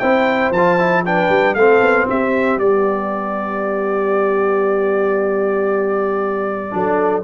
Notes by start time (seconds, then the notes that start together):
0.00 C4 E4 C5 G5
0.51 F3 A5
0.57 F4
0.79 E4
1.06 D4 B4 G5
1.30 G3
1.55 A3 C4 A4 F5
1.82 B3
2.10 C4 G4 E5
2.57 G3 B3 D5
6.71 F#3 D4 A4